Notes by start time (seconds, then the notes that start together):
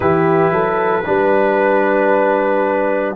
0.00 E3 E4 G4 B4
0.51 F#3 A4
1.05 G3 D4 B4